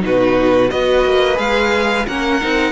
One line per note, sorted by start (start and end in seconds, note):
0.00 0.72 B2
0.00 0.68 D#4
0.00 0.70 F#4
0.00 0.70 B4
0.70 1.05 B3
0.70 1.35 F#4
0.70 2.07 B4
0.70 1.38 D#5
1.05 1.38 A#3
1.35 2.06 G#3
1.35 2.03 G#4
1.35 2.06 F5
2.07 2.42 A#3
2.07 2.41 C#4
2.07 2.72 A#4
2.07 2.72 F#5
2.41 2.72 C4
2.41 2.72 D#4